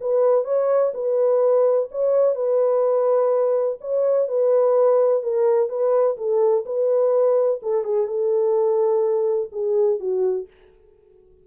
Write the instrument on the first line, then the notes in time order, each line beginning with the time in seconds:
horn
0.00 B4
0.44 C#5
0.94 B4
1.91 C#5
2.35 B4
3.81 C#5
4.28 B4
5.23 A#4
5.69 B4
6.17 A4
6.65 B4
7.62 A4
7.84 G#4
8.07 A4
9.52 G#4
10.00 F#4